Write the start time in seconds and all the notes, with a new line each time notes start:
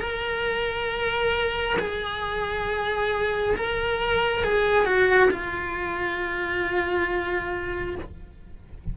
0.00 A#4
1.79 G#4
3.56 A#4
4.44 G#4
4.85 F#4
5.31 F4